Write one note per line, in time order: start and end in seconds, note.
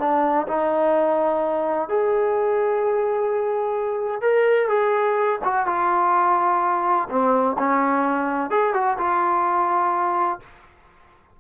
0.00 0.47 D4
0.47 1.89 D#4
1.89 4.22 G#4
4.22 4.69 A#4
4.69 5.40 G#4
5.44 5.67 F#4
5.67 7.09 F4
7.10 7.57 C4
7.58 8.51 C#4
8.51 8.74 G#4
8.74 8.97 F#4
8.98 10.40 F4